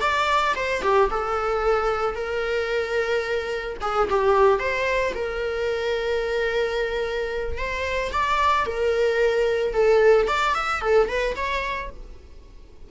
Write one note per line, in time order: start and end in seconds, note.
0.00 0.54 D5
0.55 0.82 C5
0.82 1.09 G4
1.10 2.14 A4
2.14 3.77 A#4
3.81 4.08 G#4
4.09 4.59 G4
4.59 5.13 C5
5.14 7.57 A#4
7.57 8.11 C5
8.11 8.65 D5
8.65 9.73 A#4
9.73 10.27 A4
10.27 10.54 D5
10.54 10.81 E5
10.81 11.08 A4
11.08 11.35 B4
11.36 11.90 C#5